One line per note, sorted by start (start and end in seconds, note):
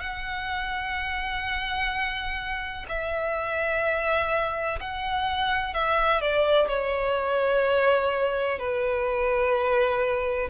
0.00 2.86 F#5
2.88 4.79 E5
4.80 5.74 F#5
5.74 6.21 E5
6.21 6.68 D5
6.68 8.58 C#5
8.58 10.49 B4